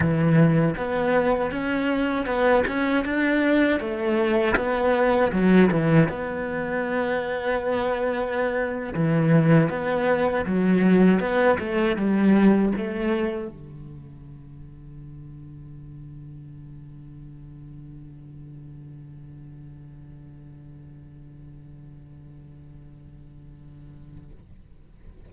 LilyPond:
\new Staff \with { instrumentName = "cello" } { \time 4/4 \tempo 4 = 79 e4 b4 cis'4 b8 cis'8 | d'4 a4 b4 fis8 e8 | b2.~ b8. e16~ | e8. b4 fis4 b8 a8 g16~ |
g8. a4 d2~ d16~ | d1~ | d1~ | d1 | }